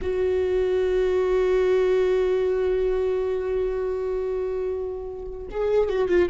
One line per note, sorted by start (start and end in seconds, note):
0.01 5.47 F#4
5.50 5.89 G#4
5.89 6.08 F#4
6.08 6.29 F4